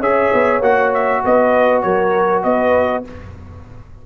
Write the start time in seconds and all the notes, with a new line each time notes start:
0.00 C#4 G#4 C#5 E5
0.33 B3
0.60 A#3 F#4 F#5
0.94 E5
1.24 B3 B4 D#5
1.82 F#3 A#4 C#5
2.43 B3 B4 D#5